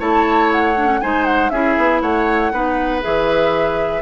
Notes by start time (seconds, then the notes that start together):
0.00 A3 E4 C#5 A5
0.52 F#5
0.76 D4
0.87 C#4
1.02 G#3 D#4 C5 G#5
1.26 F#5
1.50 C#4 E4 G#4 E5
1.78 B3
2.02 A3 C#5 F#5
2.53 B3 D#4 B4
3.02 E3 G#4 E5